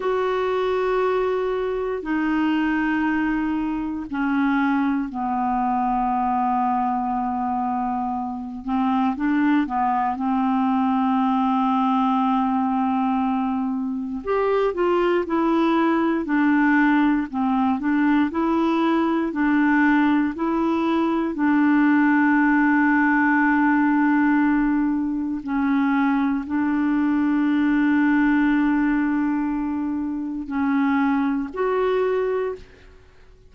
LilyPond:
\new Staff \with { instrumentName = "clarinet" } { \time 4/4 \tempo 4 = 59 fis'2 dis'2 | cis'4 b2.~ | b8 c'8 d'8 b8 c'2~ | c'2 g'8 f'8 e'4 |
d'4 c'8 d'8 e'4 d'4 | e'4 d'2.~ | d'4 cis'4 d'2~ | d'2 cis'4 fis'4 | }